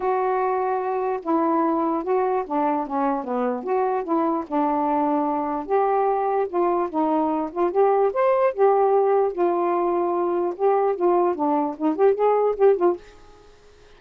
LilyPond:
\new Staff \with { instrumentName = "saxophone" } { \time 4/4 \tempo 4 = 148 fis'2. e'4~ | e'4 fis'4 d'4 cis'4 | b4 fis'4 e'4 d'4~ | d'2 g'2 |
f'4 dis'4. f'8 g'4 | c''4 g'2 f'4~ | f'2 g'4 f'4 | d'4 dis'8 g'8 gis'4 g'8 f'8 | }